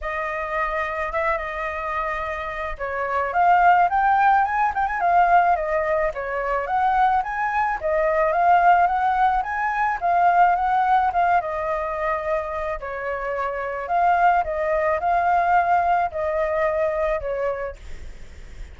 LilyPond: \new Staff \with { instrumentName = "flute" } { \time 4/4 \tempo 4 = 108 dis''2 e''8 dis''4.~ | dis''4 cis''4 f''4 g''4 | gis''8 g''16 gis''16 f''4 dis''4 cis''4 | fis''4 gis''4 dis''4 f''4 |
fis''4 gis''4 f''4 fis''4 | f''8 dis''2~ dis''8 cis''4~ | cis''4 f''4 dis''4 f''4~ | f''4 dis''2 cis''4 | }